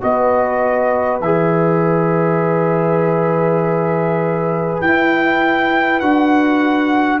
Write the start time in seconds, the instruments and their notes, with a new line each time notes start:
0.00 tuba B3, trombone F#4, horn B4, trumpet D#5
1.20 tuba E3, trombone G#4, trumpet E5
4.81 tuba E4, trombone E4, trumpet G5
5.99 tuba D4, trombone F#4, trumpet F#5